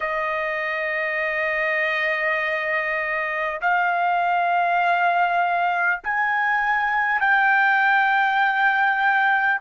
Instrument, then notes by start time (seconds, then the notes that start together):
trumpet
0.00 D#5
3.61 F5
6.03 G#5
7.20 G5